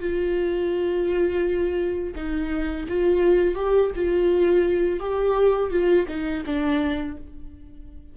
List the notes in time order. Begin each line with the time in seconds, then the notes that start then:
0.00 F4
2.15 D#4
2.89 F4
3.55 G4
3.95 F4
5.00 G4
5.71 F4
6.08 D#4
6.46 D4